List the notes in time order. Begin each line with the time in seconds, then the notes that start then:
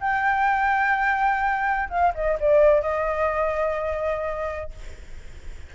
0.00 G5
1.89 F5
2.15 D#5
2.40 D5
2.82 D#5